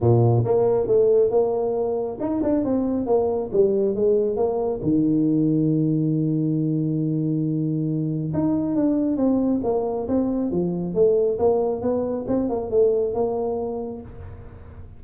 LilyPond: \new Staff \with { instrumentName = "tuba" } { \time 4/4 \tempo 4 = 137 ais,4 ais4 a4 ais4~ | ais4 dis'8 d'8 c'4 ais4 | g4 gis4 ais4 dis4~ | dis1~ |
dis2. dis'4 | d'4 c'4 ais4 c'4 | f4 a4 ais4 b4 | c'8 ais8 a4 ais2 | }